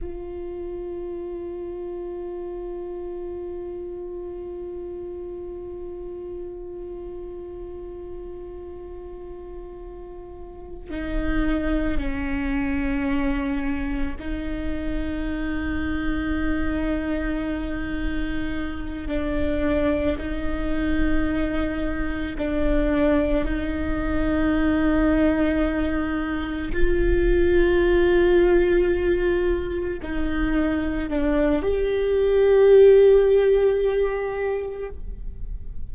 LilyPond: \new Staff \with { instrumentName = "viola" } { \time 4/4 \tempo 4 = 55 f'1~ | f'1~ | f'2 dis'4 cis'4~ | cis'4 dis'2.~ |
dis'4. d'4 dis'4.~ | dis'8 d'4 dis'2~ dis'8~ | dis'8 f'2. dis'8~ | dis'8 d'8 g'2. | }